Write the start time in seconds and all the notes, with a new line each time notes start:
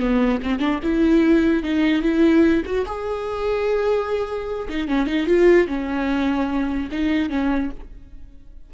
0.00 B3
0.43 C4
0.60 D4
0.83 E4
1.63 D#4
2.02 E4
2.66 F#4
2.86 G#4
4.69 D#4
4.88 C#4
5.07 D#4
5.27 F4
5.68 C#4
6.92 D#4
7.30 C#4